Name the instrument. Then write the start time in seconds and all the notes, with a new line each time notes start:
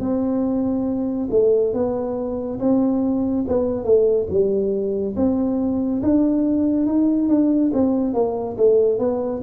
tuba
0.00 C4
1.31 A3
1.73 B3
2.59 C4
3.48 B3
3.85 A3
4.30 G3
5.16 C4
6.03 D4
6.86 D#4
7.29 D4
7.73 C4
8.14 A#3
8.57 A3
8.99 B3